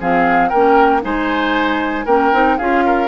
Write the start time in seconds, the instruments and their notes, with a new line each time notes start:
0.00 bassoon F3, clarinet C4, oboe G#4, flute F5
0.49 bassoon A#3, oboe A#4, flute G5
0.55 clarinet C#4
1.02 bassoon G#3, clarinet D#4, oboe C5, flute G#5
2.06 bassoon A#3, clarinet C#4, oboe A#4, flute G5
2.33 bassoon C4, clarinet D#4
2.58 bassoon C#4, clarinet F4, oboe G#4, flute F5
2.86 oboe A#4